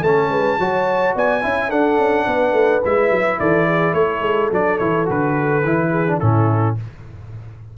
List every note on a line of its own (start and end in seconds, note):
0.00 0.29 A3
0.00 0.60 C#4
0.00 0.28 A4
0.00 1.15 A5
0.29 0.57 G#3
0.29 0.58 B4
0.59 1.15 F#3
0.59 1.41 F#4
0.59 1.15 C#5
1.15 1.43 B3
1.15 1.43 D5
1.15 1.70 G#5
1.41 1.71 C#4
1.41 1.69 E4
1.41 1.69 E5
1.69 2.81 D4
1.69 1.98 D4
1.69 2.25 A4
1.69 2.82 F#5
1.98 2.26 C#4
2.27 2.52 B3
2.27 3.39 B4
2.52 2.80 A3
2.84 3.10 G#3
2.84 4.52 E4
2.84 3.39 E5
3.10 3.38 F#3
3.39 3.93 E3
3.39 3.67 A4
3.39 3.94 D5
3.67 3.95 G#4
3.93 4.21 A3
3.93 5.90 A4
3.93 4.50 C#5
4.21 4.49 G#3
4.51 4.79 F#3
4.51 4.79 D4
4.51 4.78 D5
4.78 5.08 E3
4.78 5.05 E4
4.78 5.06 C#5
5.05 5.63 D3
5.05 5.61 F#4
5.05 6.19 B4
5.63 6.20 E3
5.63 6.07 E4
5.90 6.18 G#4
6.07 6.21 D4
6.18 6.77 A2
6.18 6.77 C#4
6.18 6.74 E4
6.18 6.75 A4